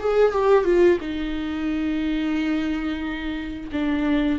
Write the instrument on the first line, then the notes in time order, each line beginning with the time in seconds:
viola
0.00 G#4
0.32 G4
0.65 F4
1.01 D#4
3.73 D4